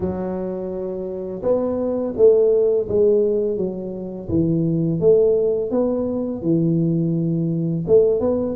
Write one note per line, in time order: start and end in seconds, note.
0.00 1.42 F#3
1.42 2.13 B3
2.16 2.88 A3
2.88 3.57 G#3
3.57 4.28 F#3
4.29 4.99 E3
4.99 5.70 A3
5.70 6.42 B3
6.42 7.84 E3
7.87 8.19 A3
8.19 8.55 B3